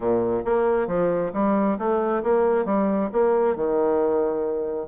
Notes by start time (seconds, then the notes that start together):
0.00 A#2
0.44 A#3
0.87 F3
1.33 G3
1.78 A3
2.23 A#3
2.65 G3
3.12 A#3
3.56 D#3